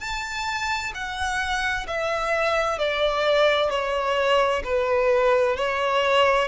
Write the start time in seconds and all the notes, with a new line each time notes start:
0.00 A5
0.94 F#5
1.87 E5
2.78 D5
3.70 C#5
4.64 B4
5.56 C#5